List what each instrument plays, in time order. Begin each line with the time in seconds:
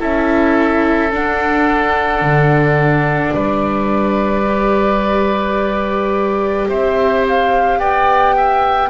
0.00 double bass C#4, viola E4, oboe A4, flute E5
1.12 double bass D4, viola D4, flute F#5
2.22 double bass D3
3.34 double bass G3, oboe B4, flute D5
4.46 viola G4
6.69 double bass C4, oboe C5, flute E5
7.28 flute F5
7.78 double bass B3, oboe D5, flute G5
8.37 oboe E5